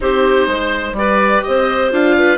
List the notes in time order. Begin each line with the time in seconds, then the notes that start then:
0.00 C4 D#4 G4 C5
0.46 G#3 C5
0.92 G3 G4 B4 D5
1.43 C4 C5 D#5
1.91 D4 F4 F5
2.17 B4